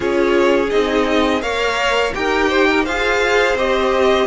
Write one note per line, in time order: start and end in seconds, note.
0.00 0.70 C#4
0.00 0.67 F4
0.00 1.42 G#4
0.00 0.70 C#5
0.70 1.42 C4
0.70 1.41 D#4
0.70 1.41 D#5
1.41 2.13 A#3
1.41 2.12 A#4
1.41 2.14 C#5
1.41 2.13 F5
2.13 2.87 D#4
2.13 2.85 G4
2.13 2.49 A#4
2.13 2.85 G5
2.49 2.67 C5
2.69 2.83 A#4
2.83 3.54 F4
2.83 3.57 G#4
2.83 4.26 C5
2.83 3.56 F5
3.54 4.25 C4
3.54 4.27 G4
3.54 4.27 D#5